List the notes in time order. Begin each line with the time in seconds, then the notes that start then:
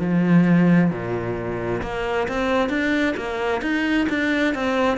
0.00 F3
0.91 A#2
1.83 A#3
2.29 C4
2.70 D4
3.17 A#3
3.62 D#4
4.10 D4
4.55 C4